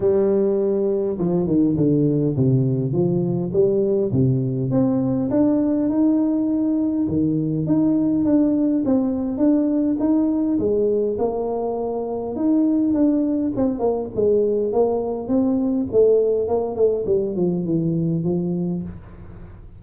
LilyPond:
\new Staff \with { instrumentName = "tuba" } { \time 4/4 \tempo 4 = 102 g2 f8 dis8 d4 | c4 f4 g4 c4 | c'4 d'4 dis'2 | dis4 dis'4 d'4 c'4 |
d'4 dis'4 gis4 ais4~ | ais4 dis'4 d'4 c'8 ais8 | gis4 ais4 c'4 a4 | ais8 a8 g8 f8 e4 f4 | }